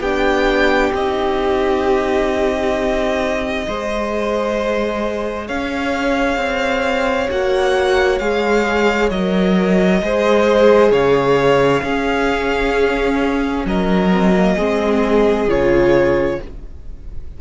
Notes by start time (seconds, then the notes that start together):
0.00 B3 D4 G4 G5
0.92 C4 D#4 D#5
3.67 G#3 G#4 C5
5.47 C#4 C#5 F5
6.37 C4
7.29 A#3 F#4 F#5
8.19 G#3 G#4 F5
9.10 F#3 A#4 D#5
10.01 G#3 G#4 C5
10.91 C#3 C#5 F5
11.82 C#4 G#4
13.64 F#3 A#4 D#5
14.11 C4
14.36 A#3
14.55 G#3 C4 G#4
15.47 C#3 F4 C#5